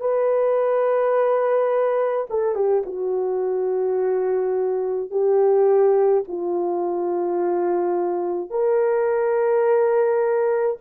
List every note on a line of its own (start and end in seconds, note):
0.00 2.26 B4
2.30 2.55 A4
2.55 2.83 G4
2.86 5.10 F#4
5.10 6.24 G4
6.28 8.50 F4
8.50 10.77 A#4